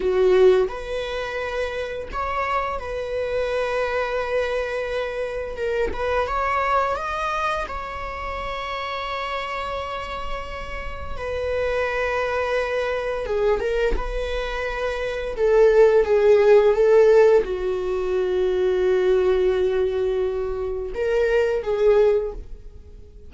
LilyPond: \new Staff \with { instrumentName = "viola" } { \time 4/4 \tempo 4 = 86 fis'4 b'2 cis''4 | b'1 | ais'8 b'8 cis''4 dis''4 cis''4~ | cis''1 |
b'2. gis'8 ais'8 | b'2 a'4 gis'4 | a'4 fis'2.~ | fis'2 ais'4 gis'4 | }